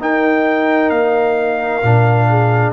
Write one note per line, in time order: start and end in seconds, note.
0.00 0.90 D#4
0.00 1.82 D#4
0.00 2.29 A#4
0.00 0.90 G5
0.90 1.81 A#3
0.90 2.72 F5
1.83 2.73 A#2
1.83 2.73 D4
2.29 2.73 G#4